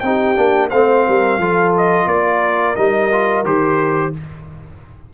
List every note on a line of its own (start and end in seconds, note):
0.00 0.37 C4
0.00 0.36 D#4
0.00 0.69 G4
0.00 0.68 G5
0.36 0.71 A#3
0.36 0.70 D4
0.69 1.06 A3
0.69 1.41 C4
0.69 1.03 C5
0.69 1.72 F5
1.07 1.38 G3
1.07 1.39 A#4
1.38 2.06 F3
1.38 2.77 F4
1.38 2.07 A4
1.77 2.08 D#5
2.06 2.74 A#3
2.06 4.12 A#4
2.06 2.76 D5
2.76 3.44 G3
2.76 3.11 D#4
2.76 3.44 D#5
3.12 3.45 F4
3.44 4.12 D#3
3.44 4.13 G4
3.44 4.14 C5